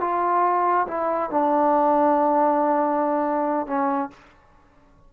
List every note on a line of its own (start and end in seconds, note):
0.00 0.86 F4
0.87 1.30 E4
1.30 3.67 D4
3.67 4.10 C#4